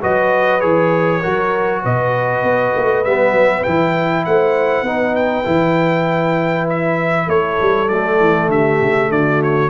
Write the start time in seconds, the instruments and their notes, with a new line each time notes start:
0.00 tuba F#3, trombone F#4, horn B4, trumpet D#5
0.61 tuba E3, trombone G#4, trumpet C#5
1.21 tuba F#3, trombone F#4, horn A#4
1.83 tuba B2, horn B4, trumpet D#5
2.43 tuba B3
2.77 tuba A3
3.05 tuba G3, trombone B3, trumpet E5
3.32 tuba F#3
3.64 tuba E3, trombone E4, trumpet G5
4.25 tuba A3, horn C5, trumpet F#5
4.83 tuba B3, trombone D#4, horn B4
5.16 trumpet G5
5.45 tuba E3, trombone E4
6.70 trumpet E5
7.27 tuba A3, horn A4, trumpet C#5
7.62 tuba G3
7.89 tuba F#3, trombone A3, trumpet D5
8.20 tuba E3
8.48 tuba D3, horn G4, trumpet E5
8.81 tuba C#3
9.10 tuba D3, horn F#4, trumpet D5
9.43 trumpet C#5